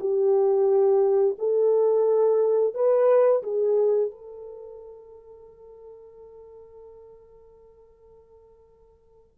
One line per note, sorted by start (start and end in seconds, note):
0.00 1.36 G4
1.39 2.74 A4
2.74 3.42 B4
3.43 4.11 G#4
4.11 9.38 A4